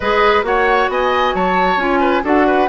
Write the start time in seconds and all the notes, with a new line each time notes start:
0.00 G#3 G#4 B4 D#5
0.43 A#3 F#4 C#5 F#5
0.88 B3 D#5 G#5
1.34 F#3 C#5 A5
1.77 C#4 F4 G#5
1.99 B4
2.22 D4 F#4 A4 F#5
2.46 B4